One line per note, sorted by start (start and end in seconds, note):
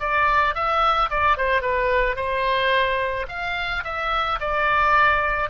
0.00 0.55 D5
0.55 1.10 E5
1.10 1.38 D5
1.38 1.62 C5
1.62 2.16 B4
2.16 3.27 C5
3.29 3.84 F5
3.84 4.39 E5
4.40 5.50 D5